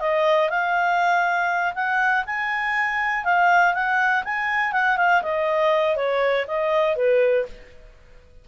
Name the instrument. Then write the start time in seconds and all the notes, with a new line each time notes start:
clarinet
0.00 D#5
0.50 F5
1.75 F#5
2.26 G#5
3.24 F5
3.74 F#5
4.24 G#5
4.72 F#5
4.97 F5
5.22 D#5
5.96 C#5
6.47 D#5
6.96 B4